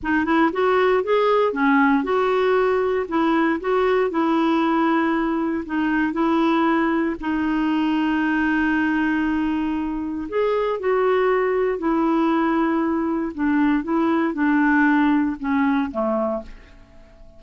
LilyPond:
\new Staff \with { instrumentName = "clarinet" } { \time 4/4 \tempo 4 = 117 dis'8 e'8 fis'4 gis'4 cis'4 | fis'2 e'4 fis'4 | e'2. dis'4 | e'2 dis'2~ |
dis'1 | gis'4 fis'2 e'4~ | e'2 d'4 e'4 | d'2 cis'4 a4 | }